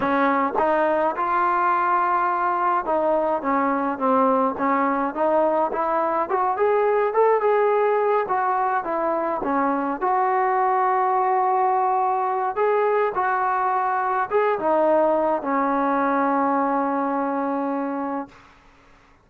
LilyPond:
\new Staff \with { instrumentName = "trombone" } { \time 4/4 \tempo 4 = 105 cis'4 dis'4 f'2~ | f'4 dis'4 cis'4 c'4 | cis'4 dis'4 e'4 fis'8 gis'8~ | gis'8 a'8 gis'4. fis'4 e'8~ |
e'8 cis'4 fis'2~ fis'8~ | fis'2 gis'4 fis'4~ | fis'4 gis'8 dis'4. cis'4~ | cis'1 | }